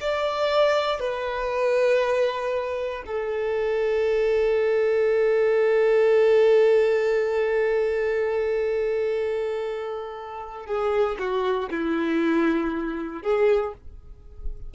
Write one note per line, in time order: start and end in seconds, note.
0.00 0.99 D5
0.99 3.03 B4
3.06 10.66 A4
10.66 11.17 G#4
11.19 11.69 F#4
11.69 13.22 E4
13.22 13.73 G#4